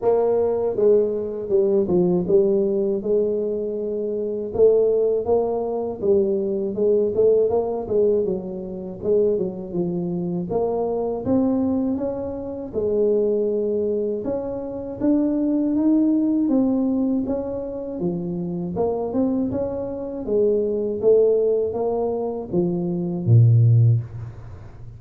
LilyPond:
\new Staff \with { instrumentName = "tuba" } { \time 4/4 \tempo 4 = 80 ais4 gis4 g8 f8 g4 | gis2 a4 ais4 | g4 gis8 a8 ais8 gis8 fis4 | gis8 fis8 f4 ais4 c'4 |
cis'4 gis2 cis'4 | d'4 dis'4 c'4 cis'4 | f4 ais8 c'8 cis'4 gis4 | a4 ais4 f4 ais,4 | }